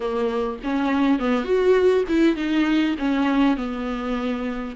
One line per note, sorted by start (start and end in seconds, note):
0.00 0.59 A#3
0.63 1.19 C#4
1.19 1.44 B3
1.44 2.04 F#4
2.08 2.36 E4
2.36 2.95 D#4
2.98 3.56 C#4
3.56 4.75 B3